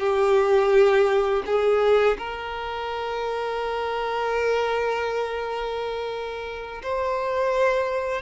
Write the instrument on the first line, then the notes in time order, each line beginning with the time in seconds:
violin
0.00 G4
1.46 G#4
2.18 A#4
6.83 C5